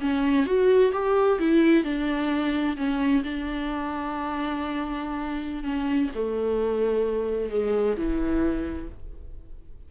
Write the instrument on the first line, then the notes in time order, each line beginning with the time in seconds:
viola
0.00 C#4
0.46 F#4
0.92 G4
1.39 E4
1.84 D4
2.77 C#4
3.23 D4
5.63 C#4
6.15 A3
7.50 G#3
7.96 E3